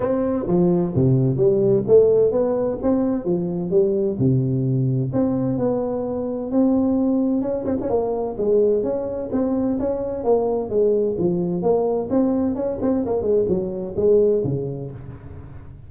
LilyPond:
\new Staff \with { instrumentName = "tuba" } { \time 4/4 \tempo 4 = 129 c'4 f4 c4 g4 | a4 b4 c'4 f4 | g4 c2 c'4 | b2 c'2 |
cis'8 c'16 cis'16 ais4 gis4 cis'4 | c'4 cis'4 ais4 gis4 | f4 ais4 c'4 cis'8 c'8 | ais8 gis8 fis4 gis4 cis4 | }